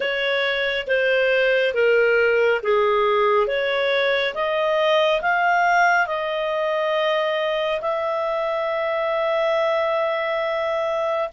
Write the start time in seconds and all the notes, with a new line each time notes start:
0.00 C#5
0.87 C5
1.74 A#4
2.62 G#4
3.47 C#5
4.34 D#5
5.21 F5
6.07 D#5
7.81 E5